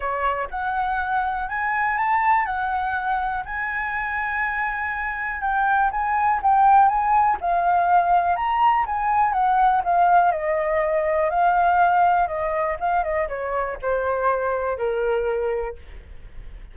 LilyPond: \new Staff \with { instrumentName = "flute" } { \time 4/4 \tempo 4 = 122 cis''4 fis''2 gis''4 | a''4 fis''2 gis''4~ | gis''2. g''4 | gis''4 g''4 gis''4 f''4~ |
f''4 ais''4 gis''4 fis''4 | f''4 dis''2 f''4~ | f''4 dis''4 f''8 dis''8 cis''4 | c''2 ais'2 | }